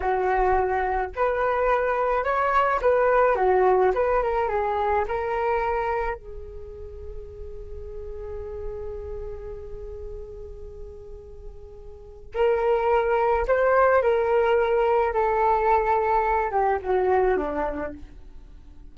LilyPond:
\new Staff \with { instrumentName = "flute" } { \time 4/4 \tempo 4 = 107 fis'2 b'2 | cis''4 b'4 fis'4 b'8 ais'8 | gis'4 ais'2 gis'4~ | gis'1~ |
gis'1~ | gis'2 ais'2 | c''4 ais'2 a'4~ | a'4. g'8 fis'4 d'4 | }